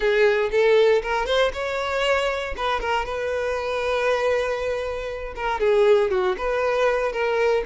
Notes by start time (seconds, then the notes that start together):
0.00 G#4
0.51 A4
1.02 A#4
1.26 C5
1.53 C#5
2.57 B4
2.80 A#4
3.05 B4
5.35 A#4
5.60 G#4
6.10 F#4
6.37 B4
7.12 A#4